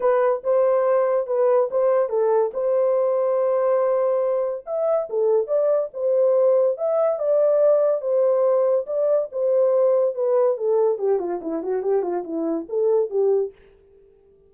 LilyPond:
\new Staff \with { instrumentName = "horn" } { \time 4/4 \tempo 4 = 142 b'4 c''2 b'4 | c''4 a'4 c''2~ | c''2. e''4 | a'4 d''4 c''2 |
e''4 d''2 c''4~ | c''4 d''4 c''2 | b'4 a'4 g'8 f'8 e'8 fis'8 | g'8 f'8 e'4 a'4 g'4 | }